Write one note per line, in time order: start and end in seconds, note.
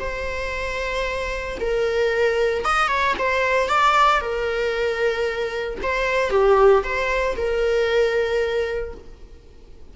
0.00 1.58 C5
1.60 2.65 A#4
2.65 2.88 D#5
2.88 3.14 C#5
3.19 3.68 C5
3.68 4.21 D5
4.21 5.79 A#4
5.83 6.30 C5
6.30 6.83 G4
6.83 7.36 C5
7.36 8.94 A#4